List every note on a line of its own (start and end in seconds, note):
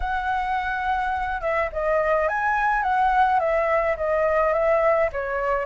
0.00 1.41 F#5
1.41 1.69 E5
1.72 2.28 D#5
2.28 2.83 G#5
2.83 3.39 F#5
3.39 3.96 E5
3.96 4.53 D#5
4.53 5.09 E5
5.12 5.65 C#5